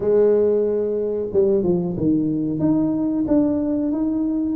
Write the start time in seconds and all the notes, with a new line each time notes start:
0.00 G#3
1.32 G3
1.63 F3
1.97 D#3
2.59 D#4
3.27 D4
3.92 D#4